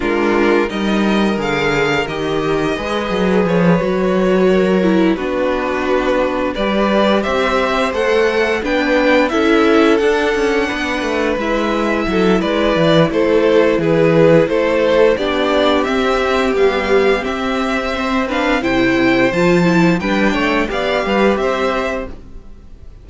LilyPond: <<
  \new Staff \with { instrumentName = "violin" } { \time 4/4 \tempo 4 = 87 ais'4 dis''4 f''4 dis''4~ | dis''4 cis''2~ cis''8 b'8~ | b'4. d''4 e''4 fis''8~ | fis''8 g''4 e''4 fis''4.~ |
fis''8 e''4. d''4 c''4 | b'4 c''4 d''4 e''4 | f''4 e''4. f''8 g''4 | a''4 g''4 f''4 e''4 | }
  \new Staff \with { instrumentName = "violin" } { \time 4/4 f'4 ais'2. | b'2~ b'8 ais'4 fis'8~ | fis'4. b'4 c''4.~ | c''8 b'4 a'2 b'8~ |
b'4. a'8 b'4 a'4 | gis'4 a'4 g'2~ | g'2 c''8 b'8 c''4~ | c''4 b'8 cis''8 d''8 b'8 c''4 | }
  \new Staff \with { instrumentName = "viola" } { \time 4/4 d'4 dis'4 gis'4 g'4 | gis'4. fis'4. e'8 d'8~ | d'4. g'2 a'8~ | a'8 d'4 e'4 d'4.~ |
d'8 e'2.~ e'8~ | e'2 d'4 c'4 | g4 c'4. d'8 e'4 | f'8 e'8 d'4 g'2 | }
  \new Staff \with { instrumentName = "cello" } { \time 4/4 gis4 g4 d4 dis4 | gis8 fis8 f8 fis2 b8~ | b4. g4 c'4 a8~ | a8 b4 cis'4 d'8 cis'8 b8 |
a8 gis4 fis8 gis8 e8 a4 | e4 a4 b4 c'4 | b4 c'2 c4 | f4 g8 a8 b8 g8 c'4 | }
>>